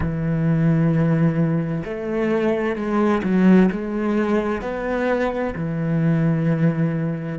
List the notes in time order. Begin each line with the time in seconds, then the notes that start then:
0.00 E3
1.85 A3
2.76 G#3
3.23 F#3
3.71 G#3
4.62 B3
5.55 E3